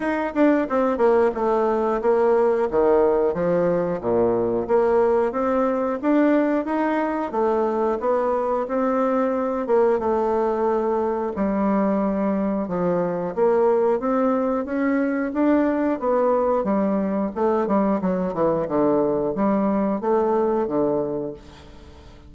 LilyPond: \new Staff \with { instrumentName = "bassoon" } { \time 4/4 \tempo 4 = 90 dis'8 d'8 c'8 ais8 a4 ais4 | dis4 f4 ais,4 ais4 | c'4 d'4 dis'4 a4 | b4 c'4. ais8 a4~ |
a4 g2 f4 | ais4 c'4 cis'4 d'4 | b4 g4 a8 g8 fis8 e8 | d4 g4 a4 d4 | }